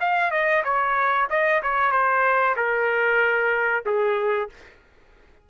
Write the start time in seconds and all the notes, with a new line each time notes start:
0.00 F5
0.31 D#5
0.64 C#5
1.29 D#5
1.62 C#5
1.91 C5
2.56 A#4
3.86 G#4